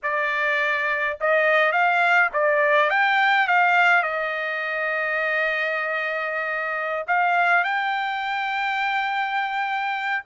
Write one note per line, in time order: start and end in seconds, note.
0.02 1.18 D5
1.20 1.72 D#5
1.72 2.29 F5
2.33 2.90 D5
2.90 3.47 G5
3.47 4.02 F5
4.02 7.05 D#5
7.07 7.64 F5
7.64 10.23 G5